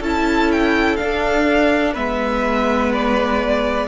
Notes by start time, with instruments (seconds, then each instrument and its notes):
0.00 cello C#4, viola E4, violin A4 A5
0.52 violin G5
0.96 viola D4, cello D4, violin F5
1.93 cello G#3, viola B3, violin B4 E5
2.93 violin D5